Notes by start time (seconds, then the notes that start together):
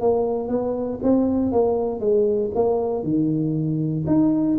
0.00 A#3
0.48 B3
1.03 C4
1.52 A#3
2.00 G#3
2.54 A#3
3.03 D#3
4.07 D#4